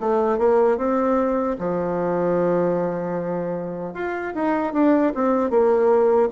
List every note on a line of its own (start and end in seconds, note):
0.00 0.38 A3
0.38 0.77 A#3
0.77 1.56 C4
1.58 3.94 F3
3.94 4.33 F4
4.34 4.73 D#4
4.73 5.12 D4
5.14 5.50 C4
5.50 6.29 A#3